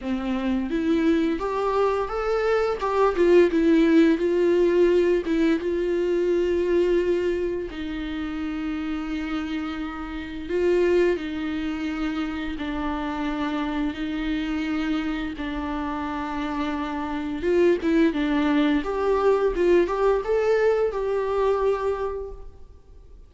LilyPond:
\new Staff \with { instrumentName = "viola" } { \time 4/4 \tempo 4 = 86 c'4 e'4 g'4 a'4 | g'8 f'8 e'4 f'4. e'8 | f'2. dis'4~ | dis'2. f'4 |
dis'2 d'2 | dis'2 d'2~ | d'4 f'8 e'8 d'4 g'4 | f'8 g'8 a'4 g'2 | }